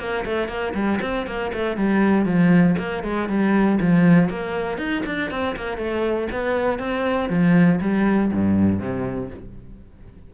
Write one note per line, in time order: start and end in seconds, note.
0.00 0.25 A#3
0.25 0.49 A3
0.49 0.74 A#3
0.75 1.00 G3
1.02 1.27 C4
1.27 1.52 A#3
1.54 1.77 A3
1.77 2.26 G3
2.26 2.76 F3
2.78 3.04 A#3
3.04 3.29 G#3
3.29 3.80 G3
3.81 4.30 F3
4.30 4.78 A#3
4.78 5.03 D#4
5.06 5.31 D4
5.31 5.56 C4
5.57 5.78 A#3
5.78 6.28 A3
6.32 6.79 B3
6.79 7.30 C4
7.30 7.80 F3
7.81 8.32 G3
8.33 8.80 G2
8.80 9.31 C3